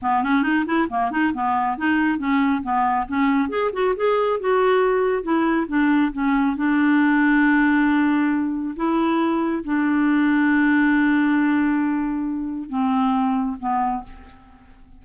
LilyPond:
\new Staff \with { instrumentName = "clarinet" } { \time 4/4 \tempo 4 = 137 b8 cis'8 dis'8 e'8 ais8 dis'8 b4 | dis'4 cis'4 b4 cis'4 | gis'8 fis'8 gis'4 fis'2 | e'4 d'4 cis'4 d'4~ |
d'1 | e'2 d'2~ | d'1~ | d'4 c'2 b4 | }